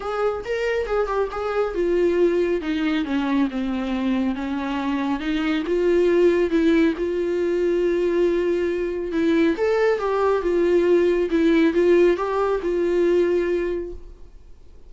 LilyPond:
\new Staff \with { instrumentName = "viola" } { \time 4/4 \tempo 4 = 138 gis'4 ais'4 gis'8 g'8 gis'4 | f'2 dis'4 cis'4 | c'2 cis'2 | dis'4 f'2 e'4 |
f'1~ | f'4 e'4 a'4 g'4 | f'2 e'4 f'4 | g'4 f'2. | }